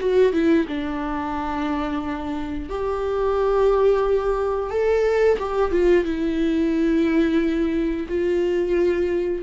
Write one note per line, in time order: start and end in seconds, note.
0.00 0.33 F#4
0.33 0.66 E4
0.68 2.70 D4
2.70 4.71 G4
4.71 5.38 A4
5.39 5.72 G4
5.72 6.05 F4
6.05 8.07 E4
8.09 9.43 F4